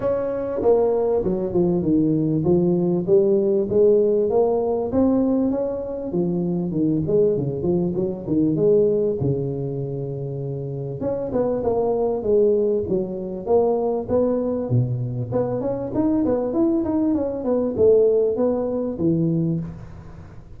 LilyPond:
\new Staff \with { instrumentName = "tuba" } { \time 4/4 \tempo 4 = 98 cis'4 ais4 fis8 f8 dis4 | f4 g4 gis4 ais4 | c'4 cis'4 f4 dis8 gis8 | cis8 f8 fis8 dis8 gis4 cis4~ |
cis2 cis'8 b8 ais4 | gis4 fis4 ais4 b4 | b,4 b8 cis'8 dis'8 b8 e'8 dis'8 | cis'8 b8 a4 b4 e4 | }